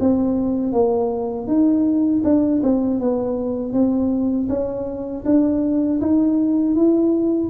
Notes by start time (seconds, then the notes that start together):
0.00 C4
0.72 A#3
1.47 D#4
2.24 D4
2.63 C4
3.00 B3
3.73 C4
4.49 C#4
5.25 D4
6.01 D#4
6.75 E4